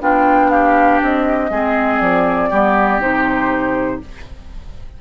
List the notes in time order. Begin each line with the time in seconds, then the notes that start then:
0.00 B3 D4 F4 G5
0.50 G4 F5
1.01 C4 D#5
1.49 G#3 C4 G#4
2.00 F3 D5
2.49 G3 B3 G4
3.00 C3 D#4 C5